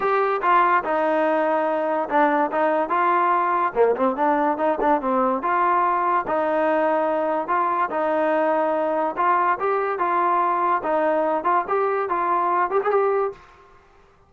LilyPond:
\new Staff \with { instrumentName = "trombone" } { \time 4/4 \tempo 4 = 144 g'4 f'4 dis'2~ | dis'4 d'4 dis'4 f'4~ | f'4 ais8 c'8 d'4 dis'8 d'8 | c'4 f'2 dis'4~ |
dis'2 f'4 dis'4~ | dis'2 f'4 g'4 | f'2 dis'4. f'8 | g'4 f'4. g'16 gis'16 g'4 | }